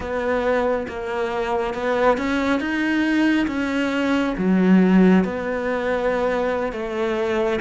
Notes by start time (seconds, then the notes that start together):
0.00 B3
0.88 A#3
1.74 B3
2.17 C#4
2.59 D#4
3.47 C#4
4.37 F#3
5.24 B3
6.72 A3